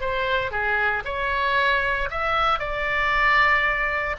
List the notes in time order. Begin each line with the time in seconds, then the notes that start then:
0.00 C5
0.51 G#4
1.04 C#5
2.10 E5
2.59 D5